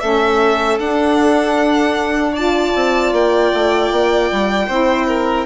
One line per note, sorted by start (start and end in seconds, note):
0.00 0.79 A3
0.00 0.79 C#4
0.00 2.32 A4
0.00 0.78 E5
0.79 2.73 D4
0.79 2.34 D4
0.79 2.35 F#5
2.32 4.68 F4
2.32 4.66 D5
2.32 3.13 A5
2.75 3.12 C4
3.12 3.51 A#3
3.12 5.45 G5
3.54 3.91 A3
3.91 4.30 A#3
4.31 4.68 G3
4.68 5.45 C4
4.68 5.45 E4
4.68 5.07 C5
5.07 5.45 A#4